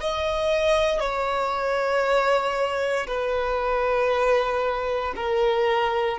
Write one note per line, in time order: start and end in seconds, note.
0.00 1.00 D#5
1.00 3.07 C#5
3.07 5.14 B4
5.16 6.18 A#4